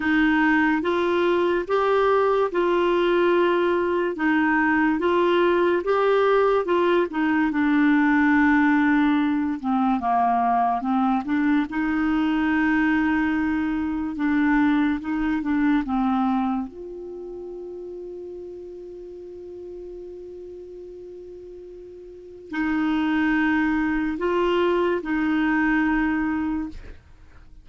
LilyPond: \new Staff \with { instrumentName = "clarinet" } { \time 4/4 \tempo 4 = 72 dis'4 f'4 g'4 f'4~ | f'4 dis'4 f'4 g'4 | f'8 dis'8 d'2~ d'8 c'8 | ais4 c'8 d'8 dis'2~ |
dis'4 d'4 dis'8 d'8 c'4 | f'1~ | f'2. dis'4~ | dis'4 f'4 dis'2 | }